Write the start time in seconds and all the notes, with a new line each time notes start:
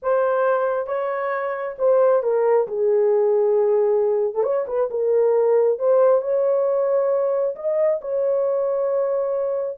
0.02 C5
0.87 C#5
1.78 C5
2.22 A#4
2.67 G#4
4.34 A4
4.43 C#5
4.67 B4
4.90 A#4
5.78 C5
6.21 C#5
7.55 D#5
8.01 C#5